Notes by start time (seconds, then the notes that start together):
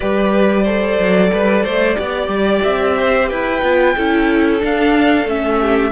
0.00 G3 G4 B4 D5
0.63 A4 C5
0.98 F#3
1.32 G3 B4
1.63 A3 C5
1.95 B3 G4 D5
2.27 G3
2.63 C4 E5
2.98 C5
3.29 E4 B4 G5
3.61 B3 F4
3.95 C#4 E4 A4
4.59 D4 F5
5.25 A3 C#4 E5
5.60 G4